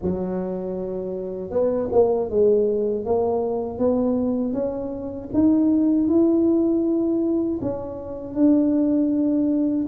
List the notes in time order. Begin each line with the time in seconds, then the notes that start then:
0.01 F#3
1.50 B3
1.92 A#3
2.30 G#3
3.05 A#3
3.78 B3
4.53 C#4
5.33 D#4
6.08 E4
7.61 C#4
8.34 D4